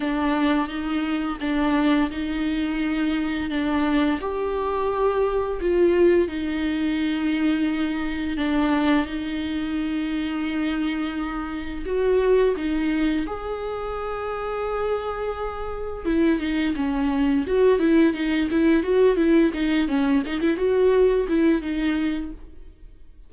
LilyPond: \new Staff \with { instrumentName = "viola" } { \time 4/4 \tempo 4 = 86 d'4 dis'4 d'4 dis'4~ | dis'4 d'4 g'2 | f'4 dis'2. | d'4 dis'2.~ |
dis'4 fis'4 dis'4 gis'4~ | gis'2. e'8 dis'8 | cis'4 fis'8 e'8 dis'8 e'8 fis'8 e'8 | dis'8 cis'8 dis'16 e'16 fis'4 e'8 dis'4 | }